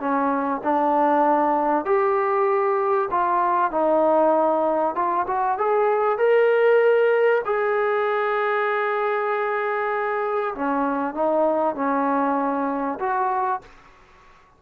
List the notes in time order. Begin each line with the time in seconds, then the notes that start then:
0.00 C#4
0.64 D4
1.86 G4
3.11 F4
3.72 D#4
4.95 F4
5.28 F#4
5.58 G#4
6.18 A#4
7.45 G#4
10.55 C#4
11.15 D#4
11.76 C#4
13.00 F#4